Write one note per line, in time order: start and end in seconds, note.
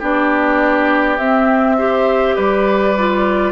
0.00 1.19 B3
0.00 1.19 D4
0.00 1.76 G4
0.00 1.18 D5
1.18 2.37 C4
1.18 1.79 C4
1.18 2.36 E5
1.79 2.97 G4
1.79 2.36 C5
2.36 3.53 G3
2.36 3.53 B4
2.36 3.53 D5
2.98 3.53 F4